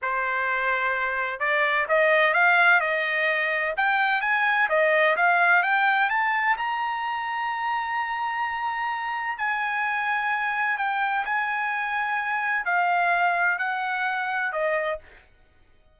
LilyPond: \new Staff \with { instrumentName = "trumpet" } { \time 4/4 \tempo 4 = 128 c''2. d''4 | dis''4 f''4 dis''2 | g''4 gis''4 dis''4 f''4 | g''4 a''4 ais''2~ |
ais''1 | gis''2. g''4 | gis''2. f''4~ | f''4 fis''2 dis''4 | }